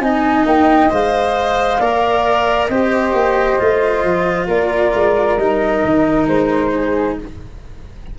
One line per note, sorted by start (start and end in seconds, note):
0.00 0.45 C4
0.00 0.91 D#4
0.00 1.80 D#5
0.00 0.45 G#5
0.46 0.91 A#3
0.46 0.93 G5
0.91 1.80 G#3
0.91 1.80 C5
0.91 2.67 F5
1.80 2.70 A#3
1.80 2.71 A#4
1.80 2.69 D5
2.67 3.14 C4
2.67 3.60 G4
2.67 4.47 C5
2.67 4.46 D#5
3.14 3.58 A#3
3.60 4.04 A3
3.60 5.39 F4
4.04 4.48 F3
4.47 4.93 A#3
4.47 6.71 A#4
4.47 5.38 D5
4.94 5.38 G#3
5.38 5.83 G3
5.38 7.19 D#4
5.38 6.27 D#5
5.85 6.27 D#3
6.27 7.17 G#3
6.27 7.18 C5
6.74 7.19 G#4